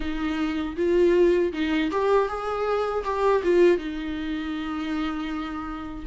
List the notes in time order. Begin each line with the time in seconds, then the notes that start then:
0.00 D#4
0.76 F4
1.53 D#4
1.91 G4
2.28 G#4
3.04 G4
3.43 F4
3.77 D#4